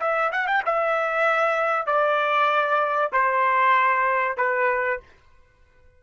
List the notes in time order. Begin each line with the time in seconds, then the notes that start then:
0.00 E5
0.32 F#5
0.47 G5
0.66 E5
1.86 D5
3.12 C5
4.37 B4